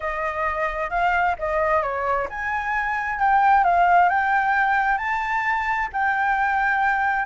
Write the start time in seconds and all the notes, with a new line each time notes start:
0.00 D#5
0.90 F5
1.38 D#5
1.82 C#5
2.29 G#5
3.19 G5
3.64 F5
4.09 G5
4.97 A5
5.92 G5